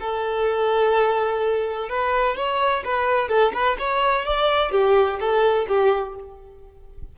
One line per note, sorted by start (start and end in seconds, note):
0.00 1.89 A4
1.89 2.36 B4
2.36 2.83 C#5
2.84 3.29 B4
3.29 3.52 A4
3.54 3.77 B4
3.79 4.25 C#5
4.25 4.72 D5
4.72 5.19 G4
5.20 5.67 A4
5.68 6.15 G4